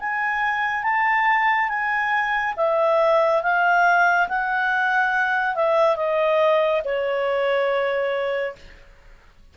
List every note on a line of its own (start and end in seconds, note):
0.00 0.83 G#5
0.83 1.69 A5
1.69 2.55 G#5
2.57 3.42 E5
3.43 4.29 F5
4.29 5.56 F#5
5.56 5.96 E5
5.96 6.82 D#5
6.85 8.56 C#5